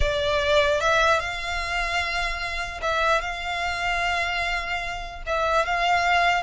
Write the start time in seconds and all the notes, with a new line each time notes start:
0.00 D5
0.80 E5
1.19 F5
2.81 E5
3.21 F5
5.26 E5
5.65 F5